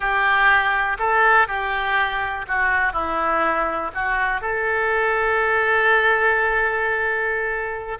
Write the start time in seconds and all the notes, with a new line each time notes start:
0.00 G4
0.99 A4
1.47 G4
2.47 F#4
2.93 E4
3.94 F#4
4.41 A4